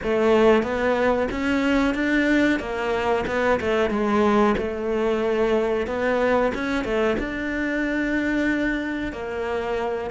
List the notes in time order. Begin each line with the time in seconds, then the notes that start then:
0.03 A3
0.62 B3
1.31 C#4
1.94 D4
2.59 A#3
3.26 B3
3.60 A3
3.90 G#3
4.57 A3
5.87 B3
6.54 C#4
6.84 A3
7.18 D4
9.12 A#3